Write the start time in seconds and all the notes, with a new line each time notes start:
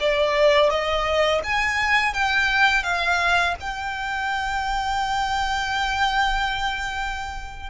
0.00 D5
0.70 D#5
1.44 G#5
2.14 G5
2.83 F5
3.60 G5